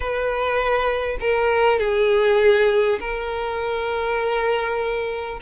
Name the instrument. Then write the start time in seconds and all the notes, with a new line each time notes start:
violin
0.00 B4
1.20 A#4
1.79 G#4
2.99 A#4